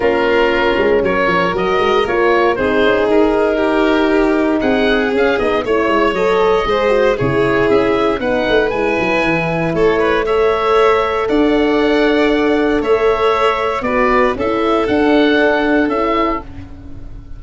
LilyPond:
<<
  \new Staff \with { instrumentName = "oboe" } { \time 4/4 \tempo 4 = 117 ais'2 cis''4 dis''4 | cis''4 c''4 ais'2~ | ais'4 fis''4 f''8 dis''8 cis''4 | dis''2 cis''4 e''4 |
fis''4 gis''2 cis''4 | e''2 fis''2~ | fis''4 e''2 d''4 | e''4 fis''2 e''4 | }
  \new Staff \with { instrumentName = "violin" } { \time 4/4 f'2 ais'2~ | ais'4 gis'2 g'4~ | g'4 gis'2 cis''4~ | cis''4 c''4 gis'2 |
b'2. a'8 b'8 | cis''2 d''2~ | d''4 cis''2 b'4 | a'1 | }
  \new Staff \with { instrumentName = "horn" } { \time 4/4 cis'2. fis'4 | f'4 dis'2.~ | dis'2 cis'8 dis'8 e'4 | a'4 gis'8 fis'8 e'2 |
dis'4 e'2. | a'1~ | a'2. fis'4 | e'4 d'2 e'4 | }
  \new Staff \with { instrumentName = "tuba" } { \time 4/4 ais4. gis8 fis8 f8 fis8 gis8 | ais4 c'8 cis'8 dis'2~ | dis'4 c'4 cis'8 b8 a8 gis8 | fis4 gis4 cis4 cis'4 |
b8 a8 gis8 fis8 e4 a4~ | a2 d'2~ | d'4 a2 b4 | cis'4 d'2 cis'4 | }
>>